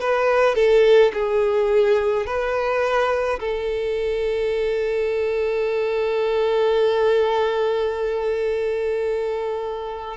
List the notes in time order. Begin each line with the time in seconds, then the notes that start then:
0.00 B4
0.55 A4
1.14 G#4
2.26 B4
3.40 A4